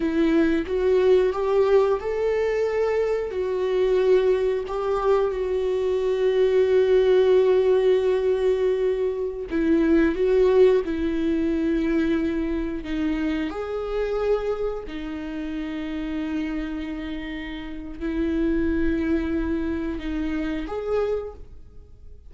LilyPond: \new Staff \with { instrumentName = "viola" } { \time 4/4 \tempo 4 = 90 e'4 fis'4 g'4 a'4~ | a'4 fis'2 g'4 | fis'1~ | fis'2~ fis'16 e'4 fis'8.~ |
fis'16 e'2. dis'8.~ | dis'16 gis'2 dis'4.~ dis'16~ | dis'2. e'4~ | e'2 dis'4 gis'4 | }